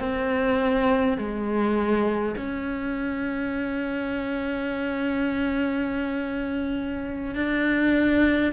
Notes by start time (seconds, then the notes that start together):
0.00 C4
1.18 G#3
2.36 C#4
7.35 D4